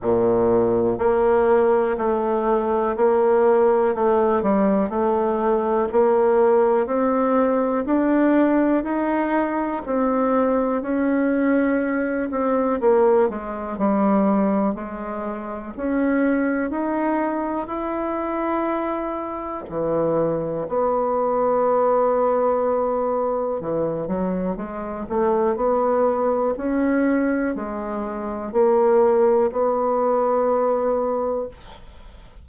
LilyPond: \new Staff \with { instrumentName = "bassoon" } { \time 4/4 \tempo 4 = 61 ais,4 ais4 a4 ais4 | a8 g8 a4 ais4 c'4 | d'4 dis'4 c'4 cis'4~ | cis'8 c'8 ais8 gis8 g4 gis4 |
cis'4 dis'4 e'2 | e4 b2. | e8 fis8 gis8 a8 b4 cis'4 | gis4 ais4 b2 | }